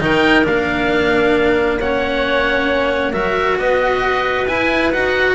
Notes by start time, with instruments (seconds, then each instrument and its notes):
0.00 double bass D#3, cello D#4, clarinet A#4, oboe G5
0.44 double bass A#3, cello D4, oboe F5
1.80 cello C#4, clarinet C#5, oboe F#5
3.12 double bass F#3, cello F#4, clarinet A#4, oboe E5
3.58 double bass B3, clarinet B4, oboe D#5
4.47 double bass E4, cello E4, oboe G#5
4.92 double bass D#4, cello F#4, oboe F#5